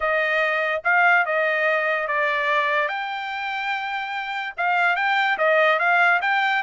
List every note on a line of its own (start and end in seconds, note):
0.00 0.82 D#5
0.84 1.25 F5
1.25 2.07 D#5
2.07 2.88 D5
2.88 4.53 G5
4.57 4.96 F5
4.96 5.37 G5
5.38 5.79 D#5
5.79 6.20 F5
6.21 6.62 G5